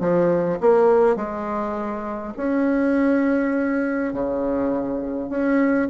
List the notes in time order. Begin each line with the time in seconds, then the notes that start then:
0.00 F3
0.61 A#3
1.16 G#3
2.37 C#4
4.13 C#3
5.30 C#4